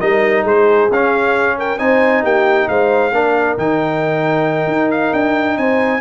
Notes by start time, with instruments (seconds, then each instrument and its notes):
0.00 tuba G3, trombone D#4, horn A#4, trumpet D#5
0.44 tuba G#3, horn G#4, trumpet C5
0.91 tuba C#4, trombone C#4, trumpet F5
1.58 horn A#4, trumpet G5
1.79 tuba C4, trombone D#4, horn C5, trumpet G#5
2.23 tuba A#3, horn G4, trumpet G5
2.68 tuba G#3, horn C5, trumpet F5
3.12 tuba A#3, trombone D4, horn A#4
3.58 tuba D#3, trombone D#4, trumpet G5
4.67 tuba D#4
4.91 trumpet F5
5.13 tuba D4, trumpet G5
5.57 tuba C4, horn C5, trumpet G#5